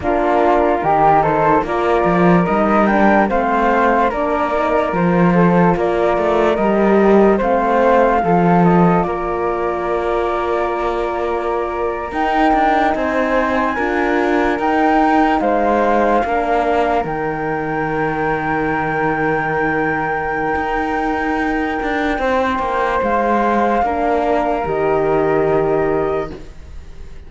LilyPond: <<
  \new Staff \with { instrumentName = "flute" } { \time 4/4 \tempo 4 = 73 ais'4. c''8 d''4 dis''8 g''8 | f''4 d''4 c''4 d''4 | dis''4 f''4. dis''8 d''4~ | d''2~ d''8. g''4 gis''16~ |
gis''4.~ gis''16 g''4 f''4~ f''16~ | f''8. g''2.~ g''16~ | g''1 | f''2 dis''2 | }
  \new Staff \with { instrumentName = "flute" } { \time 4/4 f'4 g'8 a'8 ais'2 | c''4 ais'4. a'8 ais'4~ | ais'4 c''4 a'4 ais'4~ | ais'2.~ ais'8. c''16~ |
c''8. ais'2 c''4 ais'16~ | ais'1~ | ais'2. c''4~ | c''4 ais'2. | }
  \new Staff \with { instrumentName = "horn" } { \time 4/4 d'4 dis'4 f'4 dis'8 d'8 | c'4 d'8 dis'8 f'2 | g'4 c'4 f'2~ | f'2~ f'8. dis'4~ dis'16~ |
dis'8. f'4 dis'2 d'16~ | d'8. dis'2.~ dis'16~ | dis'1~ | dis'4 d'4 g'2 | }
  \new Staff \with { instrumentName = "cello" } { \time 4/4 ais4 dis4 ais8 f8 g4 | a4 ais4 f4 ais8 a8 | g4 a4 f4 ais4~ | ais2~ ais8. dis'8 d'8 c'16~ |
c'8. d'4 dis'4 gis4 ais16~ | ais8. dis2.~ dis16~ | dis4 dis'4. d'8 c'8 ais8 | gis4 ais4 dis2 | }
>>